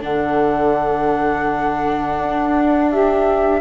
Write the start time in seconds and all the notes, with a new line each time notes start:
0.00 D3 D4 A4 F#5
2.17 D4
2.89 G4 E5